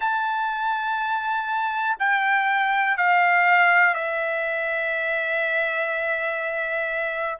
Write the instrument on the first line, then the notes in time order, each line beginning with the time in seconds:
trumpet
0.00 A5
1.99 G5
2.97 F5
3.94 E5